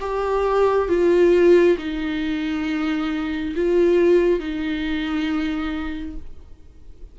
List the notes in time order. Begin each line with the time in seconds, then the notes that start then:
0.00 G4
0.88 F4
1.78 D#4
3.55 F4
4.39 D#4